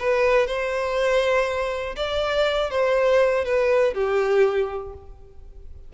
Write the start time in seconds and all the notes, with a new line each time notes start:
0.00 B4
0.47 C5
1.96 D5
2.70 C5
3.45 B4
3.94 G4